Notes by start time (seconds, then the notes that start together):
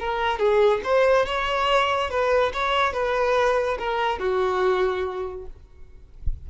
0.00 A#4
0.39 G#4
0.84 C5
1.26 C#5
2.10 B4
2.54 C#5
2.94 B4
3.79 A#4
4.19 F#4